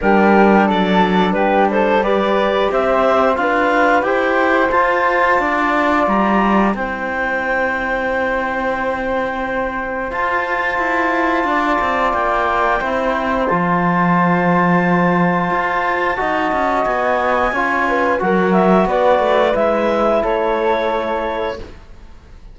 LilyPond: <<
  \new Staff \with { instrumentName = "clarinet" } { \time 4/4 \tempo 4 = 89 ais'4 d''4 b'8 c''8 d''4 | e''4 f''4 g''4 a''4~ | a''4 ais''4 g''2~ | g''2. a''4~ |
a''2 g''2 | a''1~ | a''4 gis''2 fis''8 e''8 | d''4 e''4 cis''2 | }
  \new Staff \with { instrumentName = "flute" } { \time 4/4 g'4 a'4 g'8 a'8 b'4 | c''4 b'4 c''2 | d''2 c''2~ | c''1~ |
c''4 d''2 c''4~ | c''1 | dis''2 cis''8 b'8 ais'4 | b'2 a'2 | }
  \new Staff \with { instrumentName = "trombone" } { \time 4/4 d'2. g'4~ | g'4 f'4 g'4 f'4~ | f'2 e'2~ | e'2. f'4~ |
f'2. e'4 | f'1 | fis'2 f'4 fis'4~ | fis'4 e'2. | }
  \new Staff \with { instrumentName = "cello" } { \time 4/4 g4 fis4 g2 | c'4 d'4 e'4 f'4 | d'4 g4 c'2~ | c'2. f'4 |
e'4 d'8 c'8 ais4 c'4 | f2. f'4 | dis'8 cis'8 b4 cis'4 fis4 | b8 a8 gis4 a2 | }
>>